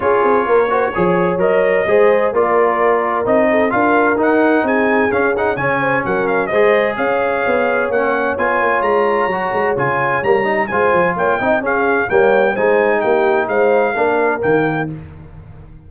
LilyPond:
<<
  \new Staff \with { instrumentName = "trumpet" } { \time 4/4 \tempo 4 = 129 cis''2. dis''4~ | dis''4 d''2 dis''4 | f''4 fis''4 gis''4 f''8 fis''8 | gis''4 fis''8 f''8 dis''4 f''4~ |
f''4 fis''4 gis''4 ais''4~ | ais''4 gis''4 ais''4 gis''4 | g''4 f''4 g''4 gis''4 | g''4 f''2 g''4 | }
  \new Staff \with { instrumentName = "horn" } { \time 4/4 gis'4 ais'8 c''8 cis''2 | c''4 ais'2~ ais'8 a'8 | ais'2 gis'2 | cis''8 c''8 ais'4 c''4 cis''4~ |
cis''1~ | cis''2. c''4 | cis''8 dis''8 gis'4 cis''4 c''4 | g'4 c''4 ais'2 | }
  \new Staff \with { instrumentName = "trombone" } { \time 4/4 f'4. fis'8 gis'4 ais'4 | gis'4 f'2 dis'4 | f'4 dis'2 cis'8 dis'8 | cis'2 gis'2~ |
gis'4 cis'4 f'2 | fis'4 f'4 ais8 dis'8 f'4~ | f'8 dis'8 cis'4 ais4 dis'4~ | dis'2 d'4 ais4 | }
  \new Staff \with { instrumentName = "tuba" } { \time 4/4 cis'8 c'8 ais4 f4 fis4 | gis4 ais2 c'4 | d'4 dis'4 c'4 cis'4 | cis4 fis4 gis4 cis'4 |
b4 ais4 b8 ais8 gis4 | fis8 gis8 cis4 g4 gis8 f8 | ais8 c'8 cis'4 g4 gis4 | ais4 gis4 ais4 dis4 | }
>>